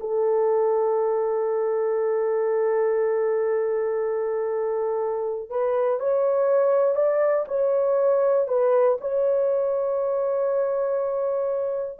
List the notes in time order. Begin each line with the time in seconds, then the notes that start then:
0.00 A4
5.49 B4
6.00 C#5
6.95 D5
7.48 C#5
8.47 B4
9.00 C#5